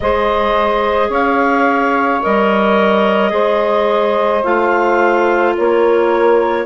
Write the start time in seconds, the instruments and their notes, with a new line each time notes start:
0.00 bassoon G#3, clarinet G#4 D#5, saxophone C5
1.08 bassoon C#4, saxophone C#5, clarinet F5
2.22 bassoon G3, clarinet A#4 D#5
3.30 bassoon G#3, clarinet G#4, saxophone C5
4.43 bassoon A3, clarinet F4 F5
5.56 bassoon A#3, saxophone A#4, clarinet C#5